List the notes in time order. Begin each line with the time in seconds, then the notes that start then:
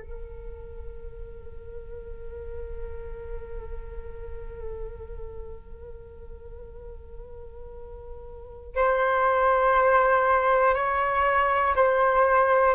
0.00 A#4
8.75 C5
10.74 C#5
11.75 C5